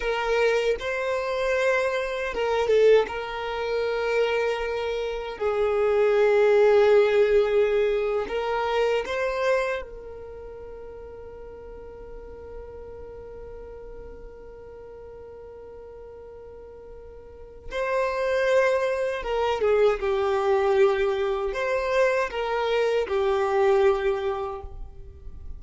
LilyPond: \new Staff \with { instrumentName = "violin" } { \time 4/4 \tempo 4 = 78 ais'4 c''2 ais'8 a'8 | ais'2. gis'4~ | gis'2~ gis'8. ais'4 c''16~ | c''8. ais'2.~ ais'16~ |
ais'1~ | ais'2. c''4~ | c''4 ais'8 gis'8 g'2 | c''4 ais'4 g'2 | }